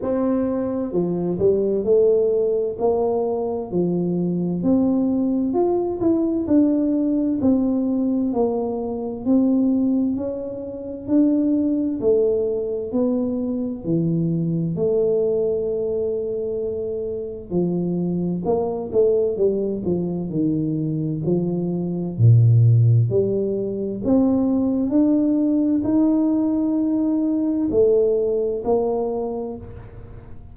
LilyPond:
\new Staff \with { instrumentName = "tuba" } { \time 4/4 \tempo 4 = 65 c'4 f8 g8 a4 ais4 | f4 c'4 f'8 e'8 d'4 | c'4 ais4 c'4 cis'4 | d'4 a4 b4 e4 |
a2. f4 | ais8 a8 g8 f8 dis4 f4 | ais,4 g4 c'4 d'4 | dis'2 a4 ais4 | }